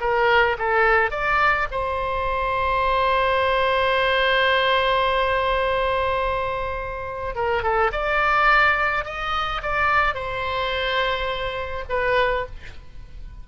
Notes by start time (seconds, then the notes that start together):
0.00 A#4
0.58 A4
1.10 D5
1.71 C5
7.35 A#4
7.62 A4
7.91 D5
9.04 D#5
9.62 D5
10.14 C5
11.89 B4